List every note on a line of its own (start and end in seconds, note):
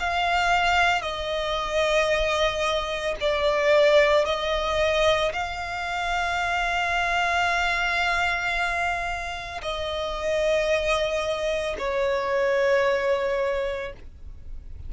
0.00 1.02 F5
1.02 3.16 D#5
3.20 4.26 D5
4.26 5.33 D#5
5.33 9.62 F5
9.62 11.77 D#5
11.79 13.93 C#5